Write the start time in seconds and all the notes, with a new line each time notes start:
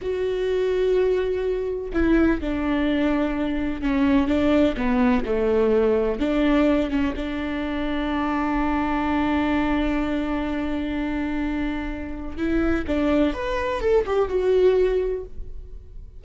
0.01 F#4
1.93 E4
2.40 D4
3.81 C#4
4.27 D4
4.76 B3
5.25 A3
6.19 D4
6.90 C#4
7.16 D4
12.37 E4
12.87 D4
13.33 B4
13.81 A4
14.06 G4
14.29 F#4